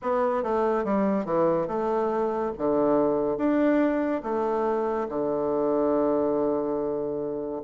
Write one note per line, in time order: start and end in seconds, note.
0.02 0.43 B3
0.43 0.84 A3
0.84 1.25 G3
1.25 1.67 E3
1.67 2.52 A3
2.58 3.37 D3
3.37 4.22 D4
4.23 5.07 A3
5.08 7.62 D3